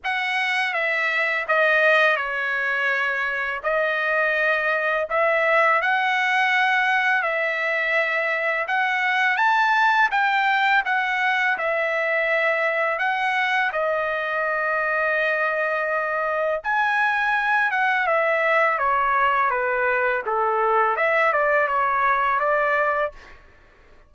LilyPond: \new Staff \with { instrumentName = "trumpet" } { \time 4/4 \tempo 4 = 83 fis''4 e''4 dis''4 cis''4~ | cis''4 dis''2 e''4 | fis''2 e''2 | fis''4 a''4 g''4 fis''4 |
e''2 fis''4 dis''4~ | dis''2. gis''4~ | gis''8 fis''8 e''4 cis''4 b'4 | a'4 e''8 d''8 cis''4 d''4 | }